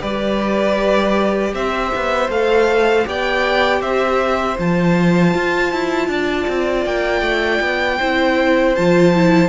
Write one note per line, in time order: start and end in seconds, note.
0.00 1.54 G3
0.00 2.28 G4
0.00 1.53 B4
0.00 1.54 D5
1.54 1.92 C4
1.54 3.08 C5
1.54 2.31 E5
1.96 2.30 B3
2.30 3.06 A3
2.30 3.05 A4
2.30 3.07 F5
3.05 3.81 B3
3.05 4.57 G4
3.05 3.81 D5
3.05 3.82 G5
3.81 4.57 C4
3.81 6.09 C5
3.81 4.58 E5
4.57 5.35 F3
4.57 7.99 F4
4.57 6.86 A5
5.35 5.72 F4
5.72 6.09 E4
6.09 6.47 D4
6.09 7.99 D5
6.48 6.86 C4
6.86 7.22 A#3
6.86 8.76 G5
7.22 7.60 A3
7.61 7.99 B3
7.99 8.78 C4
7.99 8.77 E4
7.99 9.50 C5
8.76 9.50 F3
8.76 9.16 F4
8.76 9.50 A5
9.16 9.50 E4